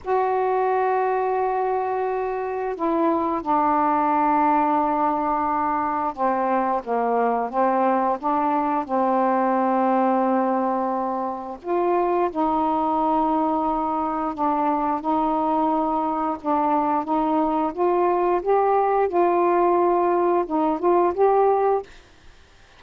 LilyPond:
\new Staff \with { instrumentName = "saxophone" } { \time 4/4 \tempo 4 = 88 fis'1 | e'4 d'2.~ | d'4 c'4 ais4 c'4 | d'4 c'2.~ |
c'4 f'4 dis'2~ | dis'4 d'4 dis'2 | d'4 dis'4 f'4 g'4 | f'2 dis'8 f'8 g'4 | }